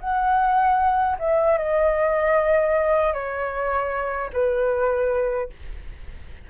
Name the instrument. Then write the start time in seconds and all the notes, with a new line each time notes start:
flute
0.00 F#5
1.19 E5
1.58 D#5
3.13 C#5
4.33 B4